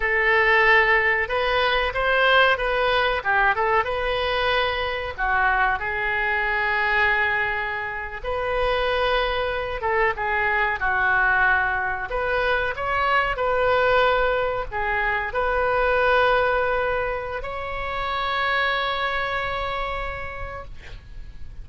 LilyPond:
\new Staff \with { instrumentName = "oboe" } { \time 4/4 \tempo 4 = 93 a'2 b'4 c''4 | b'4 g'8 a'8 b'2 | fis'4 gis'2.~ | gis'8. b'2~ b'8 a'8 gis'16~ |
gis'8. fis'2 b'4 cis''16~ | cis''8. b'2 gis'4 b'16~ | b'2. cis''4~ | cis''1 | }